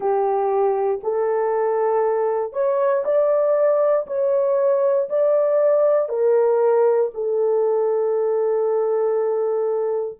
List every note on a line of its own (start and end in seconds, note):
0.00 1.00 G4
1.03 2.52 A4
2.52 3.03 C#5
3.05 4.06 D5
4.07 5.08 C#5
5.09 6.08 D5
6.08 7.10 A#4
7.14 10.19 A4